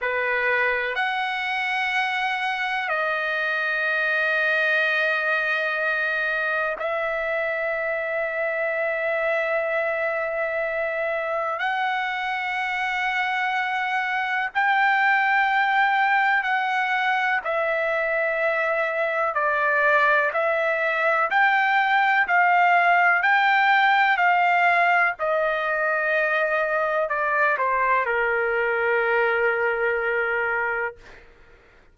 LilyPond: \new Staff \with { instrumentName = "trumpet" } { \time 4/4 \tempo 4 = 62 b'4 fis''2 dis''4~ | dis''2. e''4~ | e''1 | fis''2. g''4~ |
g''4 fis''4 e''2 | d''4 e''4 g''4 f''4 | g''4 f''4 dis''2 | d''8 c''8 ais'2. | }